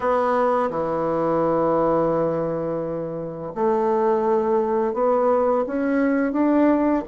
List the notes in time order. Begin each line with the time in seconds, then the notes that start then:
0.00 B3
0.70 E3
3.55 A3
4.93 B3
5.67 C#4
6.32 D4